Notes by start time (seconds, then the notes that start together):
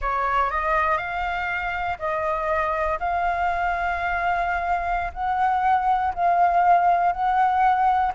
0.01 C#5
0.50 D#5
0.97 F5
1.98 D#5
2.99 F5
5.13 F#5
6.14 F5
7.12 F#5